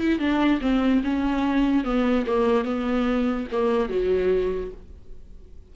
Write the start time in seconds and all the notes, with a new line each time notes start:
0.00 E4
0.19 D4
0.61 C4
1.04 C#4
1.84 B3
2.26 A#3
2.64 B3
3.51 A#3
3.89 F#3